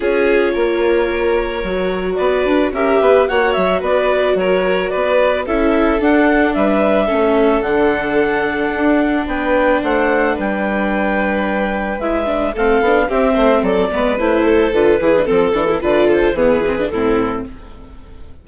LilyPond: <<
  \new Staff \with { instrumentName = "clarinet" } { \time 4/4 \tempo 4 = 110 cis''1 | d''4 e''4 fis''8 e''8 d''4 | cis''4 d''4 e''4 fis''4 | e''2 fis''2~ |
fis''4 g''4 fis''4 g''4~ | g''2 e''4 f''4 | e''4 d''4 c''4 b'4 | a'4 d''8 c''8 b'4 a'4 | }
  \new Staff \with { instrumentName = "violin" } { \time 4/4 gis'4 ais'2. | b'4 ais'8 b'8 cis''4 b'4 | ais'4 b'4 a'2 | b'4 a'2.~ |
a'4 b'4 c''4 b'4~ | b'2. a'4 | g'8 c''8 a'8 b'4 a'4 gis'8 | a'4 b'8 a'8 gis'4 e'4 | }
  \new Staff \with { instrumentName = "viola" } { \time 4/4 f'2. fis'4~ | fis'4 g'4 fis'2~ | fis'2 e'4 d'4~ | d'4 cis'4 d'2~ |
d'1~ | d'2 e'8 d'8 c'8 d'8 | c'4. b8 e'4 f'8 e'16 d'16 | c'8 d'16 e'16 f'4 b8 c'16 d'16 c'4 | }
  \new Staff \with { instrumentName = "bassoon" } { \time 4/4 cis'4 ais2 fis4 | b8 d'8 cis'8 b8 ais8 fis8 b4 | fis4 b4 cis'4 d'4 | g4 a4 d2 |
d'4 b4 a4 g4~ | g2 gis4 a8 b8 | c'8 a8 fis8 gis8 a4 d8 e8 | f8 e8 d4 e4 a,4 | }
>>